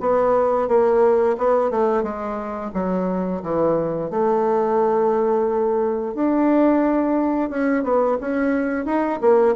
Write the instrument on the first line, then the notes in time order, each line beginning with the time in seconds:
bassoon
0.00 B3
0.68 A#3
1.38 B3
1.70 A3
2.03 G#3
2.74 F#3
3.43 E3
4.10 A3
6.14 D4
7.50 C#4
7.83 B3
8.20 C#4
8.85 D#4
9.21 A#3